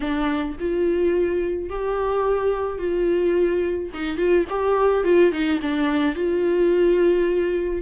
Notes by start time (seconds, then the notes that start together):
0.00 D4
0.59 F4
1.69 G4
2.78 F4
3.93 D#4
4.17 F4
4.49 G4
5.04 F4
5.31 D#4
5.61 D4
6.15 F4